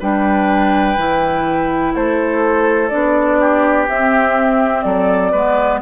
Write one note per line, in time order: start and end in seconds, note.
0.00 0.97 G3
0.00 0.97 D4
0.00 1.94 B4
0.00 1.95 G5
0.97 1.94 E3
0.97 2.91 E4
1.95 2.92 A3
1.95 3.40 A4
1.95 2.89 C5
2.89 3.88 B3
2.89 3.87 D4
2.89 3.85 D5
3.40 4.85 G4
3.88 4.85 C4
3.88 5.35 C4
3.88 4.83 E5
4.83 5.33 F#3
4.83 5.32 A4
4.83 5.79 D5
5.32 5.81 G#3
5.32 5.82 B3
5.32 5.80 B4